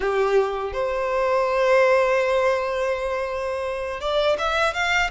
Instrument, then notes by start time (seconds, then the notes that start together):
violin
0.00 G4
0.73 C5
4.00 D5
4.38 E5
4.73 F5